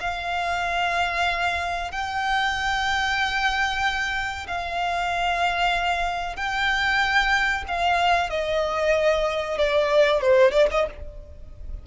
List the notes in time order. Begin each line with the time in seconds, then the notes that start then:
0.00 F5
1.91 G5
4.47 F5
6.36 G5
7.68 F5
8.30 D#5
9.58 D5
10.22 C5
10.51 D5
10.71 D#5